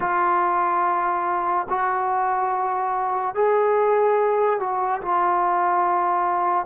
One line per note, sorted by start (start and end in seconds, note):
0.00 1.67 F4
1.69 3.34 F#4
3.34 4.59 G#4
4.59 5.01 F#4
5.01 6.65 F4